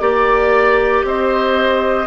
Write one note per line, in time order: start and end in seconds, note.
0.00 1.04 A#3
0.00 2.07 G4
0.00 1.03 D5
0.00 1.05 D5
1.04 2.07 C4
1.04 2.07 C5
1.04 2.07 D#5